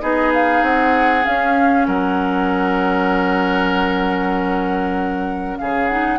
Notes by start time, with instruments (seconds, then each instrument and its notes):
0.00 bassoon B3, clarinet D#4, oboe G#4, flute D#5
0.33 flute F5
0.62 bassoon C4, flute F#5
1.23 clarinet C#4, bassoon C#4, flute F5
1.87 bassoon F#3, oboe A#4, flute F#5
5.58 bassoon C#3, oboe G#4, flute F5
5.87 clarinet D#4, flute F#5